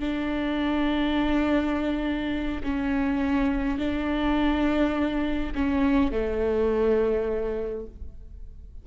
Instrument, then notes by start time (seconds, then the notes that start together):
viola
0.00 D4
2.63 C#4
3.79 D4
5.55 C#4
6.12 A3